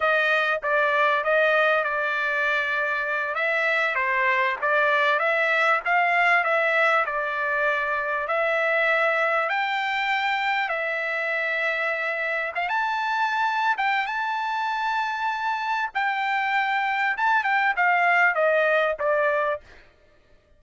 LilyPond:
\new Staff \with { instrumentName = "trumpet" } { \time 4/4 \tempo 4 = 98 dis''4 d''4 dis''4 d''4~ | d''4. e''4 c''4 d''8~ | d''8 e''4 f''4 e''4 d''8~ | d''4. e''2 g''8~ |
g''4. e''2~ e''8~ | e''8 f''16 a''4.~ a''16 g''8 a''4~ | a''2 g''2 | a''8 g''8 f''4 dis''4 d''4 | }